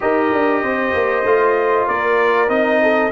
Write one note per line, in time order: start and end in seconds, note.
0.00 0.32 D#4
0.00 1.23 G4
0.00 0.62 A#4
0.00 1.88 D#5
0.32 0.62 D4
0.62 0.93 C4
0.62 1.87 C5
0.94 1.24 A#3
1.24 1.86 A3
1.24 2.48 F4
1.87 2.48 A#3
1.87 2.81 A#4
1.87 2.49 D5
2.48 3.11 C4
2.48 3.11 D#4
2.48 3.11 D#5
2.82 3.11 A4